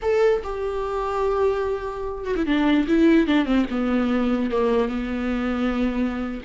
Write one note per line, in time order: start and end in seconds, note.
0.02 0.42 A4
0.43 2.24 G4
2.24 2.35 F#4
2.36 2.45 E4
2.45 2.86 D4
2.87 3.27 E4
3.27 3.45 D4
3.45 3.66 C4
3.70 4.50 B3
4.50 4.88 A#3
4.88 6.41 B3